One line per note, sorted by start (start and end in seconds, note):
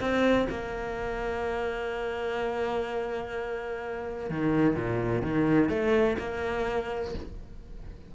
0.00 0.48 C4
0.50 4.30 A#3
4.30 4.76 D#3
4.76 5.22 A#2
5.22 5.69 D#3
5.69 6.17 A3
6.19 7.14 A#3